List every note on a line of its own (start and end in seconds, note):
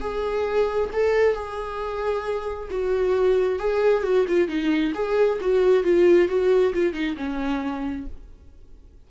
0.00 0.90 G#4
0.92 1.34 A4
1.34 2.69 G#4
2.70 3.59 F#4
3.59 4.03 G#4
4.03 4.25 F#4
4.28 4.48 F4
4.48 4.92 D#4
4.94 5.39 G#4
5.41 5.84 F#4
5.84 6.28 F4
6.28 6.73 F#4
6.73 6.93 F4
6.93 7.15 D#4
7.16 8.06 C#4